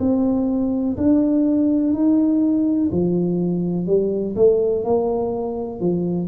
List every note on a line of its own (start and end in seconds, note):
0.00 0.97 C4
0.97 1.94 D4
1.94 2.90 D#4
2.92 3.87 F3
3.87 4.35 G3
4.36 4.85 A3
4.85 5.81 A#3
5.81 6.29 F3